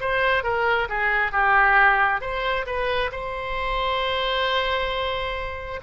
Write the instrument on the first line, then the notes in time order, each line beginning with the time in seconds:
oboe
0.00 C5
0.43 A#4
0.89 G#4
1.31 G4
2.21 C5
2.66 B4
3.11 C5